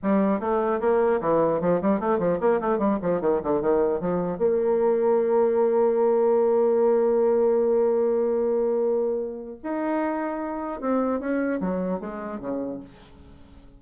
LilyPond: \new Staff \with { instrumentName = "bassoon" } { \time 4/4 \tempo 4 = 150 g4 a4 ais4 e4 | f8 g8 a8 f8 ais8 a8 g8 f8 | dis8 d8 dis4 f4 ais4~ | ais1~ |
ais1~ | ais1 | dis'2. c'4 | cis'4 fis4 gis4 cis4 | }